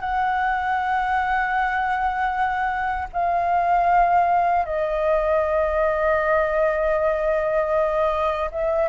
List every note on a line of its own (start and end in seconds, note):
0.00 3.08 F#5
3.13 4.65 F5
4.65 8.50 D#5
8.51 8.88 E5